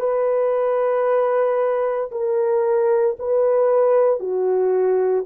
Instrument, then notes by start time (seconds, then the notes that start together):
horn
0.00 B4
2.11 A#4
3.19 B4
4.20 F#4